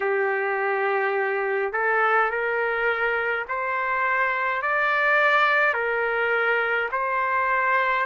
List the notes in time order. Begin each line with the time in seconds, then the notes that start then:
0.00 G4
1.73 A4
2.30 A#4
3.48 C5
4.62 D5
5.73 A#4
6.91 C5